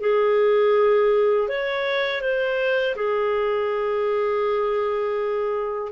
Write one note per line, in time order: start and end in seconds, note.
0.00 1.48 G#4
1.48 2.21 C#5
2.21 2.95 C5
2.95 5.92 G#4